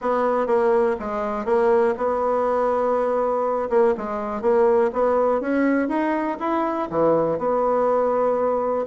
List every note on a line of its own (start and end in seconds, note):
0.01 0.46 B3
0.46 0.96 A#3
0.99 1.45 G#3
1.45 1.94 A#3
1.97 3.69 B3
3.69 3.94 A#3
3.97 4.41 G#3
4.41 4.90 A#3
4.92 5.40 B3
5.40 5.88 C#4
5.88 6.37 D#4
6.39 6.89 E4
6.90 7.38 E3
7.38 8.85 B3